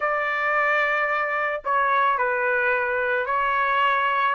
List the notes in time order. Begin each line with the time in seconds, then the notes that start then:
0.00 D5
1.64 C#5
2.18 B4
3.26 C#5